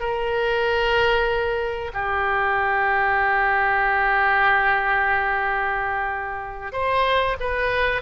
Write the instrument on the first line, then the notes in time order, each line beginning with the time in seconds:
oboe
0.00 A#4
1.94 G4
6.73 C5
7.40 B4